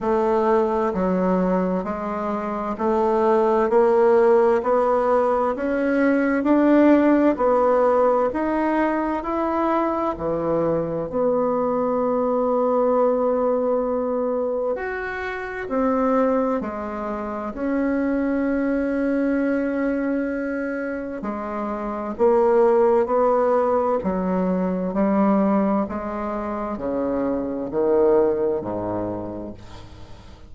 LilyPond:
\new Staff \with { instrumentName = "bassoon" } { \time 4/4 \tempo 4 = 65 a4 fis4 gis4 a4 | ais4 b4 cis'4 d'4 | b4 dis'4 e'4 e4 | b1 |
fis'4 c'4 gis4 cis'4~ | cis'2. gis4 | ais4 b4 fis4 g4 | gis4 cis4 dis4 gis,4 | }